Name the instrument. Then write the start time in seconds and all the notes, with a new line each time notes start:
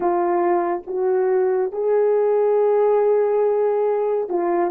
horn
0.00 F4
0.86 F#4
1.72 G#4
4.29 F4